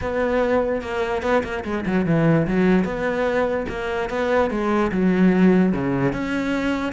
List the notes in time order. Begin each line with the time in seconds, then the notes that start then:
0.01 B3
0.81 A#3
1.22 B3
1.43 A#3
1.64 G#3
1.86 F#3
2.06 E3
2.47 F#3
2.84 B3
3.68 A#3
4.09 B3
4.50 G#3
4.91 F#3
5.72 C#3
6.12 C#4